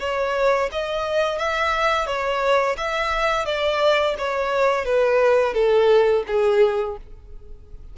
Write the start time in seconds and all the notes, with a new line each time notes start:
0.00 C#5
0.72 D#5
1.39 E5
2.06 C#5
2.77 E5
3.46 D5
4.19 C#5
4.85 B4
5.54 A4
6.27 G#4